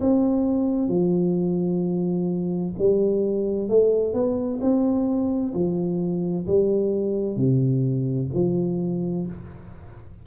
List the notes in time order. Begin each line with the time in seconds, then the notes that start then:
0.00 C4
0.88 F3
2.78 G3
3.68 A3
4.13 B3
4.61 C4
5.54 F3
6.47 G3
7.36 C3
8.34 F3